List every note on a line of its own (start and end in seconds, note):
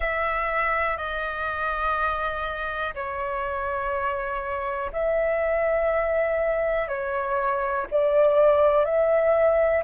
0.00 0.97 E5
0.97 2.94 D#5
2.94 4.91 C#5
4.92 6.88 E5
6.88 7.86 C#5
7.90 8.84 D5
8.84 9.83 E5